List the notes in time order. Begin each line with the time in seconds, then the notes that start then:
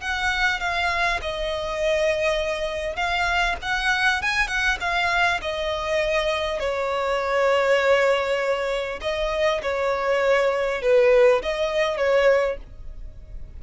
0.00 F#5
0.60 F5
1.21 D#5
2.96 F5
3.62 F#5
4.21 G#5
4.47 F#5
4.80 F5
5.41 D#5
6.59 C#5
9.01 D#5
9.62 C#5
10.81 B4
11.42 D#5
11.97 C#5